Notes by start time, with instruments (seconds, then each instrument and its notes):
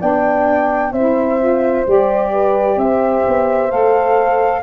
0.00 tuba B3, saxophone D4, horn D5, flute G5
0.92 tuba C4, saxophone E4, horn C5, flute E5
1.40 saxophone F4
1.85 tuba G3, saxophone G4, flute D5
2.32 horn B4
2.76 tuba C4, horn C5, flute E5
3.27 tuba B3
3.69 tuba A3, saxophone A4, flute F5